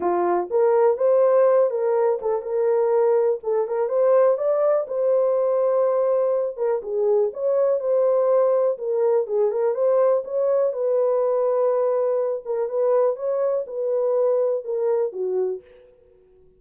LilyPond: \new Staff \with { instrumentName = "horn" } { \time 4/4 \tempo 4 = 123 f'4 ais'4 c''4. ais'8~ | ais'8 a'8 ais'2 a'8 ais'8 | c''4 d''4 c''2~ | c''4. ais'8 gis'4 cis''4 |
c''2 ais'4 gis'8 ais'8 | c''4 cis''4 b'2~ | b'4. ais'8 b'4 cis''4 | b'2 ais'4 fis'4 | }